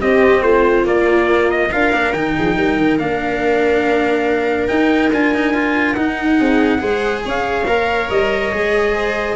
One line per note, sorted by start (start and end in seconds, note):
0.00 0.85 C4
0.00 0.41 C4
0.00 0.43 G4
0.00 0.42 D#5
0.41 0.84 A3
0.41 1.71 F4
0.41 0.85 C5
0.85 1.70 A#3
0.85 1.71 A#3
0.85 1.51 D5
1.51 1.72 D#5
1.71 1.93 D4
1.71 1.93 F4
1.71 2.35 A#4
1.71 2.13 F5
1.93 2.13 A#3
1.93 2.14 D4
2.13 2.35 D#3
2.13 2.99 D#4
2.13 2.98 G5
2.35 2.56 F3
2.35 2.57 G#4
2.56 2.77 G3
2.56 6.39 A#4
2.77 2.98 D#3
2.98 4.69 A#3
2.98 4.68 D4
2.98 4.67 F5
4.67 5.11 D#4
4.67 5.12 D#4
4.67 5.10 G5
5.12 5.97 D4
5.12 5.34 F4
5.12 5.94 G#5
5.34 5.54 D#4
5.54 5.96 F4
5.94 6.39 D#4
5.94 6.79 D#4
5.94 7.21 F#5
6.39 6.82 C4
6.39 6.81 G#4
6.79 7.24 G#3
6.79 7.64 G#4
6.79 7.24 C5
7.25 7.66 C#4
7.25 8.94 C#5
7.25 8.10 F5
7.66 8.09 A#3
7.66 8.52 A#4
8.10 8.53 G3
8.10 9.36 D#5
8.52 9.36 G#3
8.52 9.36 G#4
8.94 9.36 C5